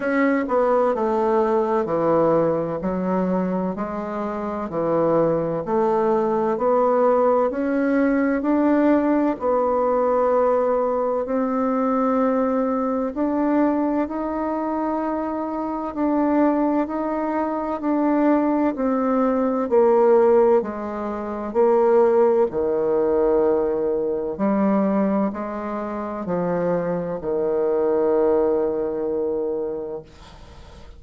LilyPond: \new Staff \with { instrumentName = "bassoon" } { \time 4/4 \tempo 4 = 64 cis'8 b8 a4 e4 fis4 | gis4 e4 a4 b4 | cis'4 d'4 b2 | c'2 d'4 dis'4~ |
dis'4 d'4 dis'4 d'4 | c'4 ais4 gis4 ais4 | dis2 g4 gis4 | f4 dis2. | }